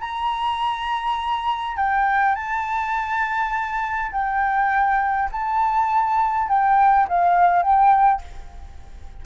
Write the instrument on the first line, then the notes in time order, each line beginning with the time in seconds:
flute
0.00 A#5
1.76 G5
2.35 A5
4.12 G5
5.32 A5
6.48 G5
7.08 F5
7.62 G5